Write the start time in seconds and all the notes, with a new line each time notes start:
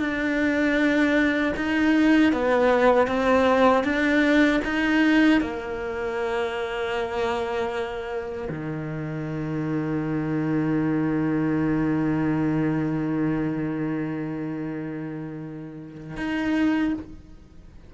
0.00 D4
1.57 D#4
2.33 B3
3.08 C4
3.85 D4
4.65 D#4
5.41 A#3
8.50 D#3
16.17 D#4